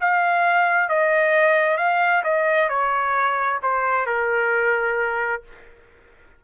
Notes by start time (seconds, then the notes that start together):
0.00 F5
0.88 D#5
1.77 F5
2.24 D#5
2.69 C#5
3.62 C5
4.06 A#4